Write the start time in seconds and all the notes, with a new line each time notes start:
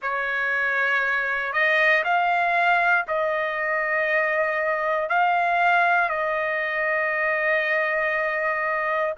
0.01 C#5
1.53 D#5
2.03 F5
3.07 D#5
5.08 F5
6.09 D#5